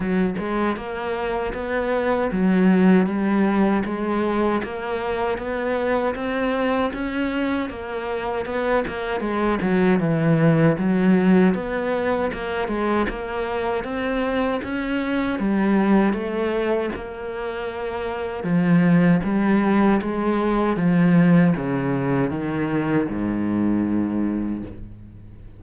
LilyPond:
\new Staff \with { instrumentName = "cello" } { \time 4/4 \tempo 4 = 78 fis8 gis8 ais4 b4 fis4 | g4 gis4 ais4 b4 | c'4 cis'4 ais4 b8 ais8 | gis8 fis8 e4 fis4 b4 |
ais8 gis8 ais4 c'4 cis'4 | g4 a4 ais2 | f4 g4 gis4 f4 | cis4 dis4 gis,2 | }